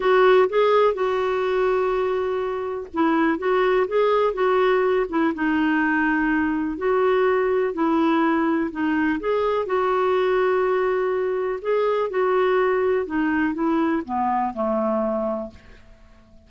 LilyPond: \new Staff \with { instrumentName = "clarinet" } { \time 4/4 \tempo 4 = 124 fis'4 gis'4 fis'2~ | fis'2 e'4 fis'4 | gis'4 fis'4. e'8 dis'4~ | dis'2 fis'2 |
e'2 dis'4 gis'4 | fis'1 | gis'4 fis'2 dis'4 | e'4 b4 a2 | }